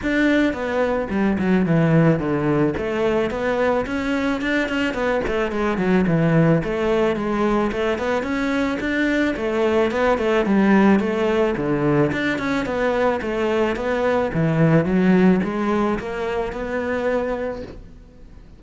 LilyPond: \new Staff \with { instrumentName = "cello" } { \time 4/4 \tempo 4 = 109 d'4 b4 g8 fis8 e4 | d4 a4 b4 cis'4 | d'8 cis'8 b8 a8 gis8 fis8 e4 | a4 gis4 a8 b8 cis'4 |
d'4 a4 b8 a8 g4 | a4 d4 d'8 cis'8 b4 | a4 b4 e4 fis4 | gis4 ais4 b2 | }